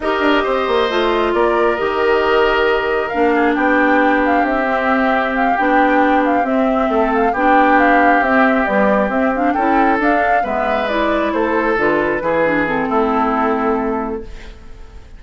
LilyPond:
<<
  \new Staff \with { instrumentName = "flute" } { \time 4/4 \tempo 4 = 135 dis''2. d''4 | dis''2. f''4 | g''4. f''8 e''2 | f''8 g''4. f''8 e''4. |
f''8 g''4 f''4 e''4 d''8~ | d''8 e''8 f''8 g''4 f''4 e''8~ | e''8 d''4 c''4 b'4.~ | b'8 a'2.~ a'8 | }
  \new Staff \with { instrumentName = "oboe" } { \time 4/4 ais'4 c''2 ais'4~ | ais'2.~ ais'8 gis'8 | g'1~ | g'2.~ g'8 a'8~ |
a'8 g'2.~ g'8~ | g'4. a'2 b'8~ | b'4. a'2 gis'8~ | gis'4 e'2. | }
  \new Staff \with { instrumentName = "clarinet" } { \time 4/4 g'2 f'2 | g'2. d'4~ | d'2~ d'8 c'4.~ | c'8 d'2 c'4.~ |
c'8 d'2 c'4 g8~ | g8 c'8 d'8 e'4 d'4 b8~ | b8 e'2 f'4 e'8 | d'8 c'2.~ c'8 | }
  \new Staff \with { instrumentName = "bassoon" } { \time 4/4 dis'8 d'8 c'8 ais8 a4 ais4 | dis2. ais4 | b2 c'2~ | c'8 b2 c'4 a8~ |
a8 b2 c'4 b8~ | b8 c'4 cis'4 d'4 gis8~ | gis4. a4 d4 e8~ | e4 a2. | }
>>